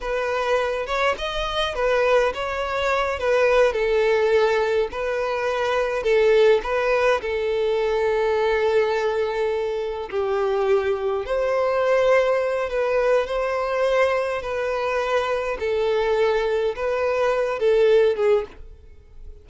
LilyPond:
\new Staff \with { instrumentName = "violin" } { \time 4/4 \tempo 4 = 104 b'4. cis''8 dis''4 b'4 | cis''4. b'4 a'4.~ | a'8 b'2 a'4 b'8~ | b'8 a'2.~ a'8~ |
a'4. g'2 c''8~ | c''2 b'4 c''4~ | c''4 b'2 a'4~ | a'4 b'4. a'4 gis'8 | }